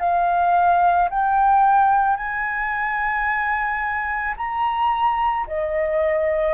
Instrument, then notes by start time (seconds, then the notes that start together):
flute
0.00 F5
1.10 G5
2.17 G#5
4.37 A#5
5.47 D#5